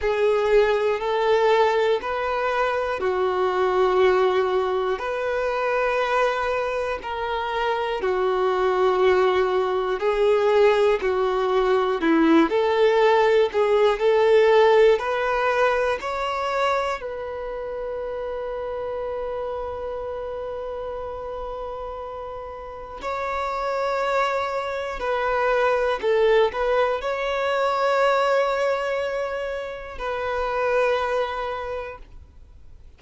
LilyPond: \new Staff \with { instrumentName = "violin" } { \time 4/4 \tempo 4 = 60 gis'4 a'4 b'4 fis'4~ | fis'4 b'2 ais'4 | fis'2 gis'4 fis'4 | e'8 a'4 gis'8 a'4 b'4 |
cis''4 b'2.~ | b'2. cis''4~ | cis''4 b'4 a'8 b'8 cis''4~ | cis''2 b'2 | }